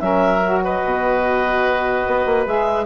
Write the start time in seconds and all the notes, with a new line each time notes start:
0.00 F#3 C#4 A#4 E5
0.44 F#4
0.65 B4 D#5
0.85 B2
2.07 B3
2.26 A#3
2.47 G#3 G#4 E5